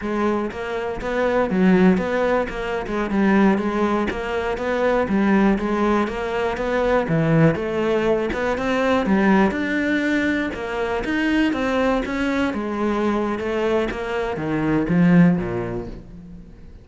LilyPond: \new Staff \with { instrumentName = "cello" } { \time 4/4 \tempo 4 = 121 gis4 ais4 b4 fis4 | b4 ais8. gis8 g4 gis8.~ | gis16 ais4 b4 g4 gis8.~ | gis16 ais4 b4 e4 a8.~ |
a8. b8 c'4 g4 d'8.~ | d'4~ d'16 ais4 dis'4 c'8.~ | c'16 cis'4 gis4.~ gis16 a4 | ais4 dis4 f4 ais,4 | }